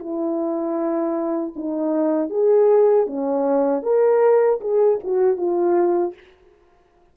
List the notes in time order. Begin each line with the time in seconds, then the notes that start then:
0.00 E4
1.56 D#4
2.30 G#4
3.07 C#4
3.83 A#4
4.61 G#4
5.04 F#4
5.37 F4